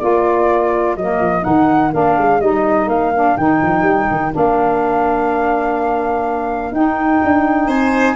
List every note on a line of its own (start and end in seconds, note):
0.00 0.97 A#3
0.00 0.97 F4
0.00 7.68 A#4
0.00 0.96 D5
0.97 1.21 F#3
0.97 1.43 A#3
0.97 1.44 D#5
1.21 1.45 F3
1.43 1.94 D#3
1.43 1.91 D#4
1.43 1.92 F#5
1.92 2.18 A#3
1.92 2.40 D4
1.92 2.41 F5
2.18 2.41 G#3
2.41 2.87 G3
2.41 3.13 D#4
2.41 2.89 D#5
2.87 3.35 A#3
2.87 3.38 F5
3.15 3.39 D4
3.38 3.62 D#3
3.38 4.32 D#4
3.38 4.33 G5
3.63 3.82 F3
3.82 4.06 G3
4.11 4.35 D#3
4.32 6.72 A#3
4.32 6.72 D4
4.32 6.75 F5
6.72 7.20 D#4
6.72 8.17 D#4
6.72 7.70 G5
7.25 7.68 D4
7.68 8.16 C4
7.68 8.16 C5
7.68 8.17 G#5